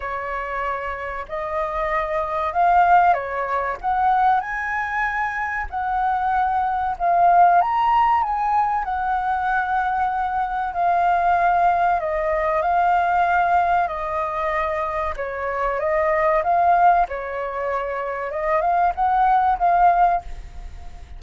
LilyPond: \new Staff \with { instrumentName = "flute" } { \time 4/4 \tempo 4 = 95 cis''2 dis''2 | f''4 cis''4 fis''4 gis''4~ | gis''4 fis''2 f''4 | ais''4 gis''4 fis''2~ |
fis''4 f''2 dis''4 | f''2 dis''2 | cis''4 dis''4 f''4 cis''4~ | cis''4 dis''8 f''8 fis''4 f''4 | }